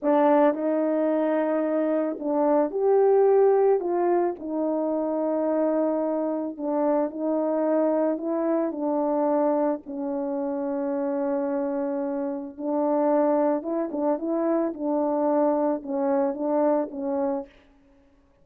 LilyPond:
\new Staff \with { instrumentName = "horn" } { \time 4/4 \tempo 4 = 110 d'4 dis'2. | d'4 g'2 f'4 | dis'1 | d'4 dis'2 e'4 |
d'2 cis'2~ | cis'2. d'4~ | d'4 e'8 d'8 e'4 d'4~ | d'4 cis'4 d'4 cis'4 | }